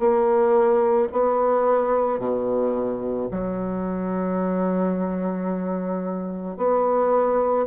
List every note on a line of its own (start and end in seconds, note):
0.00 1.09 A#3
1.13 2.20 B3
2.20 3.29 B2
3.32 6.58 F#3
6.58 7.67 B3